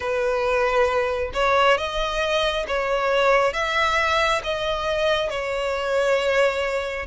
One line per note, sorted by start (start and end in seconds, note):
0.00 1.31 B4
1.33 1.77 C#5
1.77 2.66 D#5
2.67 3.53 C#5
3.53 4.41 E5
4.43 5.29 D#5
5.29 7.06 C#5